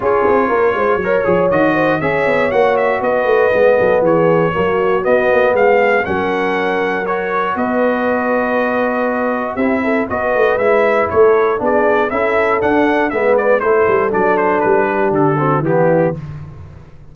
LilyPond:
<<
  \new Staff \with { instrumentName = "trumpet" } { \time 4/4 \tempo 4 = 119 cis''2. dis''4 | e''4 fis''8 e''8 dis''2 | cis''2 dis''4 f''4 | fis''2 cis''4 dis''4~ |
dis''2. e''4 | dis''4 e''4 cis''4 d''4 | e''4 fis''4 e''8 d''8 c''4 | d''8 c''8 b'4 a'4 g'4 | }
  \new Staff \with { instrumentName = "horn" } { \time 4/4 gis'4 ais'8 c''8 cis''4. c''8 | cis''2 b'4. a'8 | gis'4 fis'2 gis'4 | ais'2. b'4~ |
b'2. g'8 a'8 | b'2 a'4 gis'4 | a'2 b'4 a'4~ | a'4. g'4 fis'8 e'4 | }
  \new Staff \with { instrumentName = "trombone" } { \time 4/4 f'2 ais'8 gis'8 fis'4 | gis'4 fis'2 b4~ | b4 ais4 b2 | cis'2 fis'2~ |
fis'2. e'4 | fis'4 e'2 d'4 | e'4 d'4 b4 e'4 | d'2~ d'8 c'8 b4 | }
  \new Staff \with { instrumentName = "tuba" } { \time 4/4 cis'8 c'8 ais8 gis8 fis8 f8 dis4 | cis'8 b8 ais4 b8 a8 gis8 fis8 | e4 fis4 b8 ais8 gis4 | fis2. b4~ |
b2. c'4 | b8 a8 gis4 a4 b4 | cis'4 d'4 gis4 a8 g8 | fis4 g4 d4 e4 | }
>>